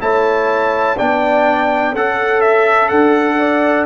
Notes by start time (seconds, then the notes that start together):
0.00 A3 E4 C#5 A5
0.98 B3 D4 D5 G5
1.93 C#4 A4 F#5
2.41 E5
2.89 D4 F#5
3.39 D5